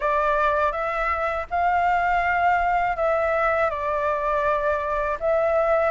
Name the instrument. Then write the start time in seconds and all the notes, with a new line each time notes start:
flute
0.00 D5
0.72 E5
1.50 F5
2.96 E5
3.70 D5
5.20 E5